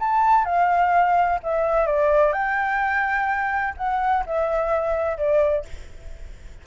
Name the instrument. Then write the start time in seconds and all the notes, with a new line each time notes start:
flute
0.00 A5
0.45 F5
1.43 E5
1.87 D5
2.33 G5
3.78 F#5
4.26 E5
5.18 D5